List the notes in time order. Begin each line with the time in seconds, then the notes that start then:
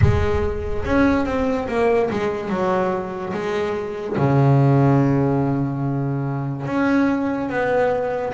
0.01 G#3
0.84 C#4
1.25 C4
1.67 A#3
2.10 G#3
2.49 F#3
3.33 G#3
4.17 C#3
6.66 C#4
7.49 B3